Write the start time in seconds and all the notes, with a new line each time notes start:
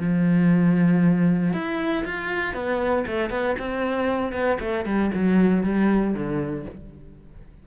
0.00 F3
1.54 E4
2.06 F4
2.55 B3
3.07 A3
3.31 B3
3.59 C4
4.33 B3
4.61 A3
4.86 G3
5.15 F#3
5.64 G3
6.14 D3